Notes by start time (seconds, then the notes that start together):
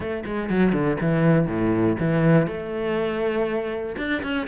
0.00 A3
0.25 G#3
0.49 F#3
0.72 D3
1.00 E3
1.47 A2
1.99 E3
2.47 A3
3.97 D4
4.23 C#4